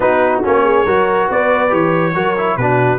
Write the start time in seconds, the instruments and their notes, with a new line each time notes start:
0.00 tuba B3, trombone D#4, horn F#4, trumpet B4
0.43 tuba A#3, trombone C#4, trumpet C#5
0.63 horn G#4
0.85 tuba F#3, trombone F#4, horn A#4
1.27 tuba B3, horn B4, trumpet D5
1.69 tuba E3, trombone G4, trumpet C#5
2.14 tuba F#3, trombone F#4, horn A#4
2.37 trombone E4
2.56 tuba B2, trombone D4, horn F#4, trumpet B4